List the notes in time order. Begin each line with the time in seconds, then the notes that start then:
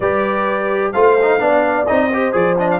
0.00 G3 G4 B4 D5
0.92 A3 F4 C5 F5
1.21 D#4
1.39 B3 D4 D5
1.86 C4 D#4 D#5
2.12 G4 C5
2.32 F3 G#4 D5
2.58 D4 D#5
2.70 F5